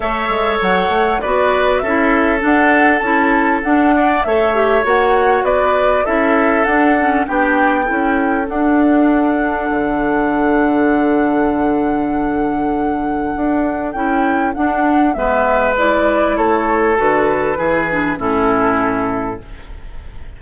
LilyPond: <<
  \new Staff \with { instrumentName = "flute" } { \time 4/4 \tempo 4 = 99 e''4 fis''4 d''4 e''4 | fis''4 a''4 fis''4 e''4 | fis''4 d''4 e''4 fis''4 | g''2 fis''2~ |
fis''1~ | fis''2. g''4 | fis''4 e''4 d''4 cis''4 | b'2 a'2 | }
  \new Staff \with { instrumentName = "oboe" } { \time 4/4 cis''2 b'4 a'4~ | a'2~ a'8 d''8 cis''4~ | cis''4 b'4 a'2 | g'4 a'2.~ |
a'1~ | a'1~ | a'4 b'2 a'4~ | a'4 gis'4 e'2 | }
  \new Staff \with { instrumentName = "clarinet" } { \time 4/4 a'2 fis'4 e'4 | d'4 e'4 d'4 a'8 g'8 | fis'2 e'4 d'8 cis'8 | d'4 e'4 d'2~ |
d'1~ | d'2. e'4 | d'4 b4 e'2 | fis'4 e'8 d'8 cis'2 | }
  \new Staff \with { instrumentName = "bassoon" } { \time 4/4 a8 gis8 fis8 a8 b4 cis'4 | d'4 cis'4 d'4 a4 | ais4 b4 cis'4 d'4 | b4 cis'4 d'2 |
d1~ | d2 d'4 cis'4 | d'4 gis2 a4 | d4 e4 a,2 | }
>>